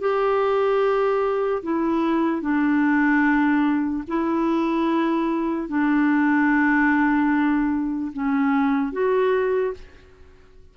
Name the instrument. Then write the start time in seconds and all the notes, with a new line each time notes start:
clarinet
0.00 G4
1.63 E4
2.41 D4
4.07 E4
5.68 D4
8.13 C#4
8.92 F#4